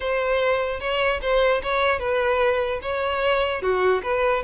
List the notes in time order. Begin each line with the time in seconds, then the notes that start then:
0.00 C5
0.80 C#5
1.21 C5
1.62 C#5
1.99 B4
2.82 C#5
3.61 F#4
4.03 B4